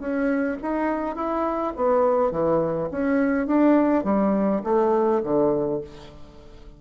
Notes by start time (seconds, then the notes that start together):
0.00 C#4
0.62 D#4
1.16 E4
1.77 B3
2.32 E3
2.92 C#4
3.47 D4
4.04 G3
4.64 A3
5.23 D3